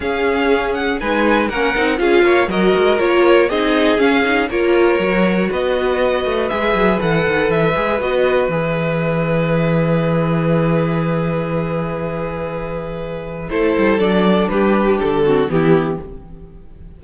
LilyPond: <<
  \new Staff \with { instrumentName = "violin" } { \time 4/4 \tempo 4 = 120 f''4. fis''8 gis''4 fis''4 | f''4 dis''4 cis''4 dis''4 | f''4 cis''2 dis''4~ | dis''4 e''4 fis''4 e''4 |
dis''4 e''2.~ | e''1~ | e''2. c''4 | d''4 b'4 a'4 g'4 | }
  \new Staff \with { instrumentName = "violin" } { \time 4/4 gis'2 b'4 ais'4 | gis'8 cis''8 ais'2 gis'4~ | gis'4 ais'2 b'4~ | b'1~ |
b'1~ | b'1~ | b'2. a'4~ | a'4 g'4. fis'8 e'4 | }
  \new Staff \with { instrumentName = "viola" } { \time 4/4 cis'2 dis'4 cis'8 dis'8 | f'4 fis'4 f'4 dis'4 | cis'8 dis'8 f'4 fis'2~ | fis'4 gis'4 a'4. gis'8 |
fis'4 gis'2.~ | gis'1~ | gis'2. e'4 | d'2~ d'8 c'8 b4 | }
  \new Staff \with { instrumentName = "cello" } { \time 4/4 cis'2 gis4 ais8 c'8 | cis'8 ais8 fis8 gis8 ais4 c'4 | cis'4 ais4 fis4 b4~ | b8 a8 gis8 fis8 e8 dis8 e8 gis8 |
b4 e2.~ | e1~ | e2. a8 g8 | fis4 g4 d4 e4 | }
>>